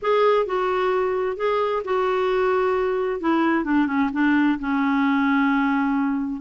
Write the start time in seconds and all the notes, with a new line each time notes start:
0.02 G#4
0.46 F#4
1.37 G#4
1.84 F#4
3.20 E4
3.64 D4
3.87 C#4
4.12 D4
4.59 C#4